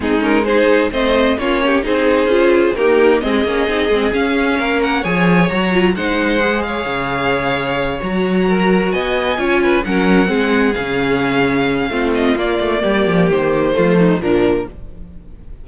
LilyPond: <<
  \new Staff \with { instrumentName = "violin" } { \time 4/4 \tempo 4 = 131 gis'8 ais'8 c''4 dis''4 cis''4 | c''2 ais'4 dis''4~ | dis''4 f''4. fis''8 gis''4 | ais''4 fis''4. f''4.~ |
f''4. ais''2 gis''8~ | gis''4. fis''2 f''8~ | f''2~ f''8 dis''8 d''4~ | d''4 c''2 ais'4 | }
  \new Staff \with { instrumentName = "violin" } { \time 4/4 dis'4 gis'4 c''4 f'8 g'8 | gis'2 g'4 gis'4~ | gis'2 ais'4 cis''4~ | cis''4 c''4. cis''4.~ |
cis''2~ cis''8 ais'4 dis''8~ | dis''8 cis''8 b'8 ais'4 gis'4.~ | gis'2 f'2 | g'2 f'8 dis'8 d'4 | }
  \new Staff \with { instrumentName = "viola" } { \time 4/4 c'8 cis'8 dis'4 c'4 cis'4 | dis'4 f'4 ais4 c'8 cis'8 | dis'8 c'8 cis'2 gis'4 | fis'8 f'8 dis'4 gis'2~ |
gis'4. fis'2~ fis'8~ | fis'8 f'4 cis'4 c'4 cis'8~ | cis'2 c'4 ais4~ | ais2 a4 f4 | }
  \new Staff \with { instrumentName = "cello" } { \time 4/4 gis2 a4 ais4 | c'4 cis'4 dis'4 gis8 ais8 | c'8 gis8 cis'4 ais4 f4 | fis4 gis2 cis4~ |
cis4. fis2 b8~ | b8 cis'4 fis4 gis4 cis8~ | cis2 a4 ais8 a8 | g8 f8 dis4 f4 ais,4 | }
>>